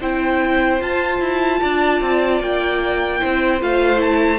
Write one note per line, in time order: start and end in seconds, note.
0.00 0.81 C4
0.00 0.80 E4
0.00 1.60 C5
0.00 0.82 G5
0.80 3.20 F4
0.80 1.20 F4
0.80 2.42 A5
1.20 1.60 E4
1.61 2.01 D4
1.61 3.20 D5
2.01 2.41 C4
2.41 3.21 A#3
2.41 3.62 G5
3.20 3.62 C4
3.20 3.60 E4
3.20 4.39 C5
3.60 4.39 A3
3.60 3.97 F4
3.60 4.00 F5
3.97 4.37 E4
3.97 4.39 A5